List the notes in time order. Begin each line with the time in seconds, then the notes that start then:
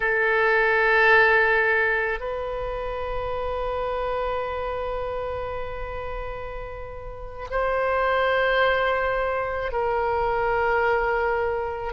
0.00 A4
2.19 B4
7.50 C5
9.72 A#4